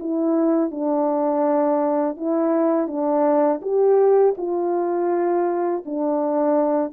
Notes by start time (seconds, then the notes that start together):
0.00 E4
0.72 D4
2.17 E4
2.88 D4
3.63 G4
4.38 F4
5.86 D4